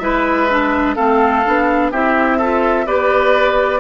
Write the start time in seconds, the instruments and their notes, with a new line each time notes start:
0.00 bassoon G#3, clarinet E4, oboe B4, flute E5
0.51 clarinet D4
0.96 bassoon A3, clarinet C4, oboe A4, flute F5
1.46 bassoon B3, clarinet D4
1.91 bassoon C4, clarinet E4, oboe G4, flute E5
2.38 clarinet F4, oboe A4
2.87 bassoon B3, clarinet G4, oboe B4, flute D5